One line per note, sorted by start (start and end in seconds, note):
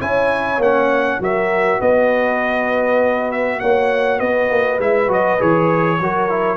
0.00 0.58 C#4
0.00 0.60 E4
0.00 1.20 C#5
0.00 0.61 G#5
0.58 1.18 A#3
0.58 1.21 C#4
0.58 1.22 F#5
1.20 1.80 F#3
1.20 4.80 F#4
1.20 1.80 A#4
1.20 1.81 E5
1.80 3.61 B3
1.80 3.60 B4
1.80 3.31 D#5
3.31 3.60 E5
3.60 4.20 A#3
3.60 4.19 C#5
3.60 4.19 F#5
4.19 4.50 B3
4.19 5.99 B4
4.19 4.79 D#5
4.50 4.79 A#3
4.79 5.08 G#3
4.79 5.08 E4
4.79 5.11 E5
5.08 5.38 F#3
5.08 5.38 F#4
5.08 5.41 D#5
5.39 6.00 E3
5.39 5.99 G#4
5.39 6.57 C#5
6.00 6.57 F#3
6.00 6.29 F#4
6.00 6.57 A#4
6.29 6.57 E4